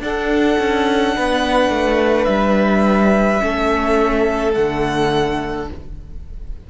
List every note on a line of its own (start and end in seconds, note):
0.00 0.57 D4
0.00 3.39 D4
0.00 1.16 A4
0.00 2.24 F#5
0.59 1.15 C#4
1.16 1.69 B3
1.16 3.42 B4
1.69 2.26 A3
2.24 3.41 G3
2.24 4.51 E5
3.39 4.56 A3
3.39 4.52 C#4
3.39 5.69 A4
4.53 5.70 D3
4.53 5.67 A3
4.53 5.67 F#5